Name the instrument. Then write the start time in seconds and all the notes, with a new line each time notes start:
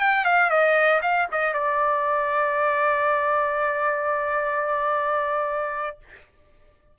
trumpet
0.00 G5
0.25 F5
0.50 D#5
1.02 F5
1.32 D#5
1.54 D5